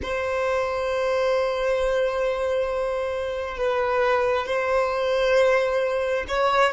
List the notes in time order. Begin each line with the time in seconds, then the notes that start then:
0.02 C5
3.57 B4
4.46 C5
6.28 C#5